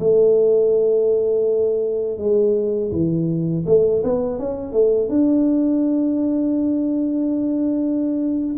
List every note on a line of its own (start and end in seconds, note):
0.00 2.19 A3
2.19 2.92 G#3
2.92 3.65 E3
3.67 4.03 A3
4.04 4.39 B3
4.39 4.73 C#4
4.73 5.09 A3
5.09 8.57 D4